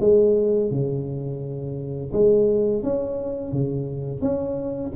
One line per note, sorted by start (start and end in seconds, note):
0.00 0.70 G#3
0.70 2.11 C#3
2.12 2.82 G#3
2.82 3.52 C#4
3.52 4.21 C#3
4.21 4.92 C#4